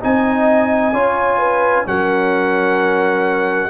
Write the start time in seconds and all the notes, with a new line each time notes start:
0.00 C4 D#4 D#5 G#5
0.94 C#4 F4 C#5
1.38 B4
1.85 F#3 C#4 A#4 F#5